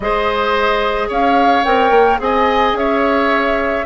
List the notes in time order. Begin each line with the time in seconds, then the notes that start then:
0.00 G#3 G#4 C5 D#5
1.08 C#4 C#5 F5
1.64 C4 A#4 G5
1.90 A#3
2.19 C4 G#4 D#5 G#5
2.73 C#4 C#5 E5